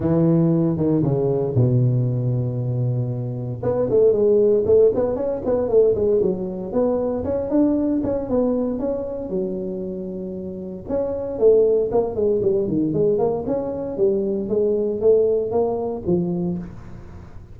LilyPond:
\new Staff \with { instrumentName = "tuba" } { \time 4/4 \tempo 4 = 116 e4. dis8 cis4 b,4~ | b,2. b8 a8 | gis4 a8 b8 cis'8 b8 a8 gis8 | fis4 b4 cis'8 d'4 cis'8 |
b4 cis'4 fis2~ | fis4 cis'4 a4 ais8 gis8 | g8 dis8 gis8 ais8 cis'4 g4 | gis4 a4 ais4 f4 | }